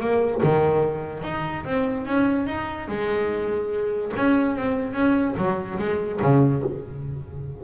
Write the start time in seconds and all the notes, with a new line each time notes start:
0.00 A#3
0.43 D#3
1.23 D#4
1.65 C4
2.06 C#4
2.47 D#4
2.88 G#3
4.16 C#4
4.56 C4
4.94 C#4
5.37 F#3
5.79 G#3
6.22 C#3